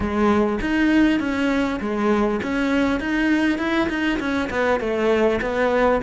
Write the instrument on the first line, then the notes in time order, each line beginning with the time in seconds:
cello
0.00 G#3
0.61 D#4
1.19 C#4
1.80 G#3
2.42 C#4
2.99 D#4
3.58 E4
3.89 D#4
4.19 C#4
4.49 B3
4.80 A3
5.41 B3